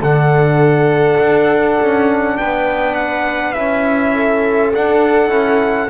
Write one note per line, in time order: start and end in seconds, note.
0.00 1.18 D3
0.00 3.55 D4
0.00 2.35 A4
0.00 2.37 F#5
1.20 1.79 D4
1.80 2.38 C#4
2.37 3.55 B3
2.37 4.14 B4
2.37 2.94 G5
2.94 3.52 F#5
3.52 4.73 C#4
3.52 4.73 E4
3.52 4.70 E5
4.14 5.89 A4
4.73 5.29 D4
4.73 5.28 D4
4.73 5.89 F#5
5.28 5.87 C#4
5.28 5.88 E4